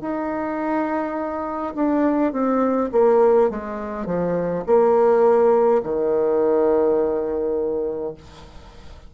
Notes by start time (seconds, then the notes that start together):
0.00 D#4
1.75 D4
2.32 C4
2.92 A#3
3.50 G#3
4.06 F3
4.66 A#3
5.83 D#3